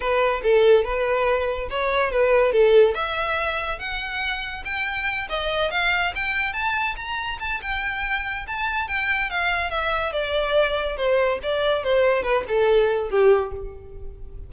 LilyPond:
\new Staff \with { instrumentName = "violin" } { \time 4/4 \tempo 4 = 142 b'4 a'4 b'2 | cis''4 b'4 a'4 e''4~ | e''4 fis''2 g''4~ | g''8 dis''4 f''4 g''4 a''8~ |
a''8 ais''4 a''8 g''2 | a''4 g''4 f''4 e''4 | d''2 c''4 d''4 | c''4 b'8 a'4. g'4 | }